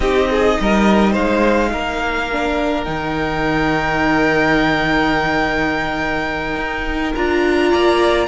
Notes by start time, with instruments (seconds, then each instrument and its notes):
0.00 cello C4, viola D#4, violin G4 D#5
0.30 violin G#4
0.60 cello G3, violin A#4
1.12 cello G#3, violin C5 F5
1.72 cello A#3, violin A#4
2.32 viola D4
2.83 cello D#3, viola D#4, violin G5
6.56 cello D#4
7.15 cello D4, viola F4, violin A#5
7.70 cello A#3, violin D5